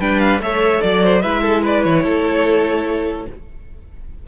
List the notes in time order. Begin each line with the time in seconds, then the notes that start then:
0.00 G3 D4 B4 G5
0.19 F5
0.39 A3 A4 C#5 E5
0.81 F#3 D5
1.04 C5
1.22 G#3 E4 B4 E5
1.42 A4
1.62 B4 D5
1.84 E3 C#5
2.03 A3 A4